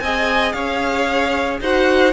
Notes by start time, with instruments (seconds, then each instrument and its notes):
0.00 cello C4, viola G#4, violin D#5 G#5
0.52 cello C#4, violin C#5 F5
1.61 cello D#4, viola F#4, violin C5 F#5